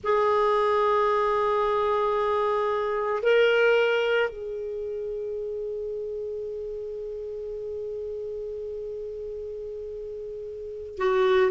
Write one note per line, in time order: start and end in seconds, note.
0.03 3.22 G#4
3.22 4.29 A#4
4.29 10.97 G#4
10.97 11.50 F#4